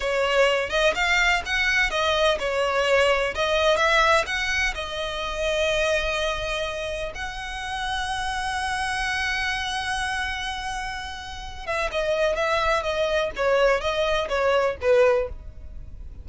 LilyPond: \new Staff \with { instrumentName = "violin" } { \time 4/4 \tempo 4 = 126 cis''4. dis''8 f''4 fis''4 | dis''4 cis''2 dis''4 | e''4 fis''4 dis''2~ | dis''2. fis''4~ |
fis''1~ | fis''1~ | fis''8 e''8 dis''4 e''4 dis''4 | cis''4 dis''4 cis''4 b'4 | }